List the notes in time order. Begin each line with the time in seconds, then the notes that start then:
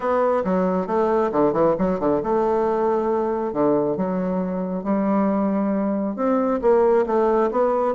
0.00 B3
0.44 F#3
0.86 A3
1.31 D3
1.53 E3
1.78 F#3
1.99 D3
2.23 A3
3.53 D3
3.96 F#3
4.83 G3
6.16 C4
6.61 A#3
7.06 A3
7.51 B3